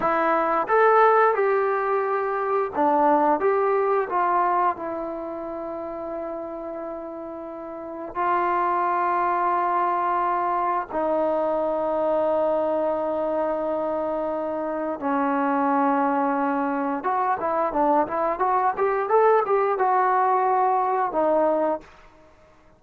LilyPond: \new Staff \with { instrumentName = "trombone" } { \time 4/4 \tempo 4 = 88 e'4 a'4 g'2 | d'4 g'4 f'4 e'4~ | e'1 | f'1 |
dis'1~ | dis'2 cis'2~ | cis'4 fis'8 e'8 d'8 e'8 fis'8 g'8 | a'8 g'8 fis'2 dis'4 | }